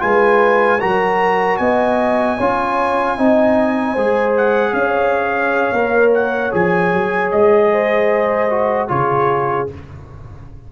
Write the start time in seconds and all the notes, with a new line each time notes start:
0.00 G#3 F4 B4 G#5
0.81 F#3 F#4 A#4 A#5
1.57 B3 D#5 G#5
2.38 C#4 F4 C#5
3.18 C4 D#4 D#5
3.93 G#3 G#4 C5
4.37 F#5
4.73 C#4 C#5 F5
5.73 A#3 A#4
6.14 F#5
6.52 F3 G#4 G#5
6.93 F#3
7.31 G#3 D#5
7.72 C5
8.50 F#4
8.88 C#3 F4 G#4 C#5